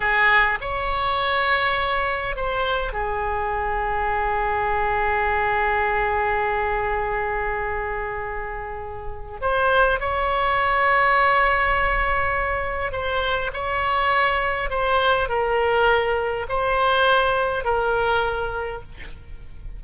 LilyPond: \new Staff \with { instrumentName = "oboe" } { \time 4/4 \tempo 4 = 102 gis'4 cis''2. | c''4 gis'2.~ | gis'1~ | gis'1 |
c''4 cis''2.~ | cis''2 c''4 cis''4~ | cis''4 c''4 ais'2 | c''2 ais'2 | }